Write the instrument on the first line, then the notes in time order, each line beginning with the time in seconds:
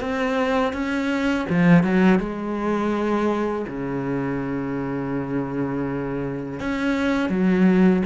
cello
0.00 C4
0.73 C#4
1.49 F3
1.83 F#3
2.19 G#3
3.67 C#3
6.60 C#4
7.29 F#3